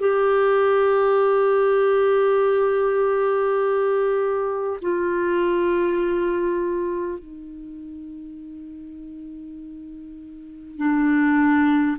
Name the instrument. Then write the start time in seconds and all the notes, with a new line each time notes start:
clarinet
0.00 G4
4.82 F4
7.19 D#4
10.78 D4